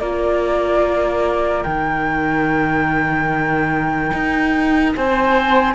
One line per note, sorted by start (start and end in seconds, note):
0.00 1.65 A#3
0.00 1.66 F4
0.00 4.95 A#4
0.00 1.64 D5
1.64 4.12 D#3
1.64 5.75 D#4
1.64 4.92 G5
4.14 4.96 D#4
4.96 5.75 C4
4.96 5.75 C5
4.96 5.75 G#5